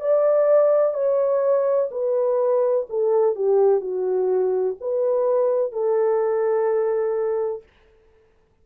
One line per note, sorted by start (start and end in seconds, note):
0.00 0.94 D5
0.94 1.89 C#5
1.91 2.86 B4
2.89 3.35 A4
3.35 3.80 G4
3.80 4.75 F#4
4.81 5.72 B4
5.72 7.63 A4